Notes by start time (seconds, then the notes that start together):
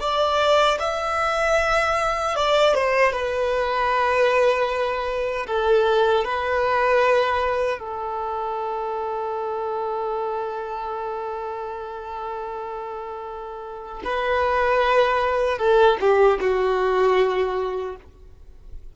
0.00 D5
0.80 E5
2.36 D5
2.74 C5
3.13 B4
5.47 A4
6.24 B4
7.79 A4
14.04 B4
15.58 A4
16.00 G4
16.40 F#4